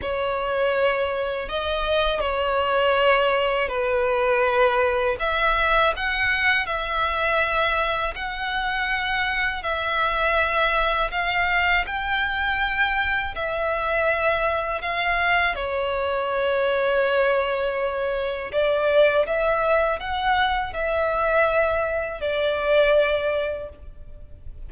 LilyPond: \new Staff \with { instrumentName = "violin" } { \time 4/4 \tempo 4 = 81 cis''2 dis''4 cis''4~ | cis''4 b'2 e''4 | fis''4 e''2 fis''4~ | fis''4 e''2 f''4 |
g''2 e''2 | f''4 cis''2.~ | cis''4 d''4 e''4 fis''4 | e''2 d''2 | }